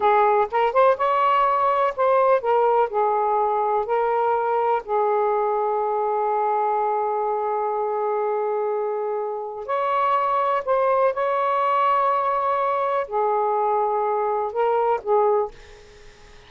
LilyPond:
\new Staff \with { instrumentName = "saxophone" } { \time 4/4 \tempo 4 = 124 gis'4 ais'8 c''8 cis''2 | c''4 ais'4 gis'2 | ais'2 gis'2~ | gis'1~ |
gis'1 | cis''2 c''4 cis''4~ | cis''2. gis'4~ | gis'2 ais'4 gis'4 | }